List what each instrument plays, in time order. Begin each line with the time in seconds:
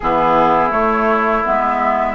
0.00 bassoon E3, clarinet B3, oboe E4, flute G#4
0.70 bassoon A3, clarinet A3, flute C#5
1.44 bassoon G#3, clarinet B3, flute E5